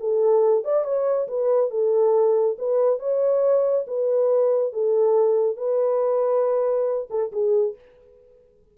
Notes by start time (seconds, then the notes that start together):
0.00 A4
0.64 D5
0.84 C#5
1.28 B4
1.70 A4
2.58 B4
2.99 C#5
3.87 B4
4.73 A4
5.57 B4
7.10 A4
7.32 G#4